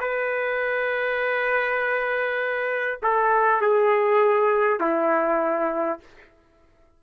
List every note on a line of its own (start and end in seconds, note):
0.00 3.00 B4
3.03 3.61 A4
3.61 4.80 G#4
4.80 6.00 E4